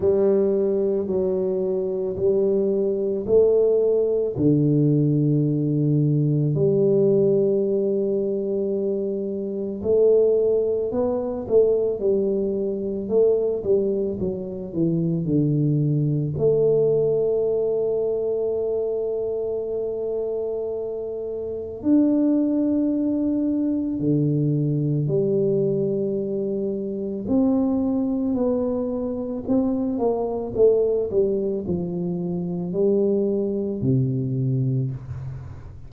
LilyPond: \new Staff \with { instrumentName = "tuba" } { \time 4/4 \tempo 4 = 55 g4 fis4 g4 a4 | d2 g2~ | g4 a4 b8 a8 g4 | a8 g8 fis8 e8 d4 a4~ |
a1 | d'2 d4 g4~ | g4 c'4 b4 c'8 ais8 | a8 g8 f4 g4 c4 | }